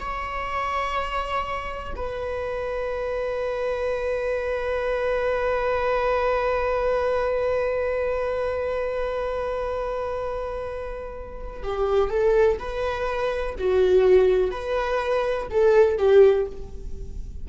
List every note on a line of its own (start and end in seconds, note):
0.00 1.94 C#5
1.96 11.63 B4
11.63 12.10 G4
12.10 12.59 A4
12.59 13.56 B4
13.59 14.51 F#4
14.51 15.48 B4
15.50 15.98 A4
15.98 16.46 G4